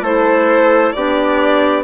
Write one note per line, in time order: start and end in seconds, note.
0.00 0.91 A3
0.00 0.95 E4
0.00 0.93 A4
0.00 0.92 C5
0.92 1.84 B3
0.92 1.84 D4
0.92 1.84 G4
0.92 1.83 D5